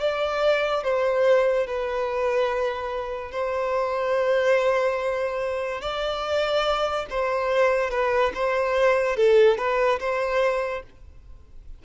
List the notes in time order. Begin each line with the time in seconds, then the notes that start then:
0.00 D5
0.83 C5
1.67 B4
3.31 C5
5.81 D5
7.10 C5
7.91 B4
8.34 C5
9.16 A4
9.58 B4
10.00 C5